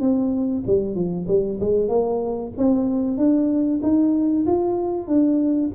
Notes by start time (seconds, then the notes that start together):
0.00 C4
0.66 G3
0.94 F3
1.27 G3
1.60 G#3
1.88 A#3
2.57 C4
3.17 D4
3.82 D#4
4.46 F4
5.07 D4